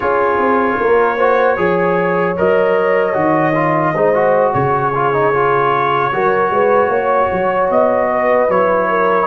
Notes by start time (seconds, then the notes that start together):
0.00 C#4 F4 G#4 C#5
0.37 C4
0.79 A#3 A#4
1.17 F#4 C5
1.57 F3 G#4 C#5
2.36 F#3 A#4 D#5
3.13 D#3 F#4
3.54 F4
3.94 G#3 D#4 C5
4.14 F#4
4.53 C#3 G#4 C#5
4.95 F4
5.13 D#4
5.33 F4
6.12 F#3 F#4 A#4
6.50 G#3 B4
6.88 A#3 C#5
7.32 F#3
7.69 B3 D#5
8.10 B4
8.49 F#3 E4 C#5
8.88 A#4